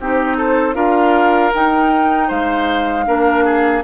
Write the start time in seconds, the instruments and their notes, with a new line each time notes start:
0.00 bassoon C4, clarinet D#4, oboe G4, flute C5
0.37 oboe A4
0.75 bassoon D4, clarinet F4, oboe A#4, flute F5
1.54 clarinet D#4, bassoon D#4, flute G5
2.28 bassoon G#3, oboe C5, flute F5
3.06 bassoon A#3, clarinet D4, oboe A#4
3.45 oboe G#4